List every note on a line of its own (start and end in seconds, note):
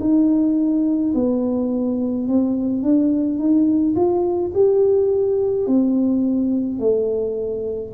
0.00 1.13 D#4
1.14 2.27 B3
2.27 2.82 C4
2.82 3.39 D4
3.39 3.95 D#4
3.95 4.52 F4
4.54 5.67 G4
5.67 6.79 C4
6.79 7.92 A3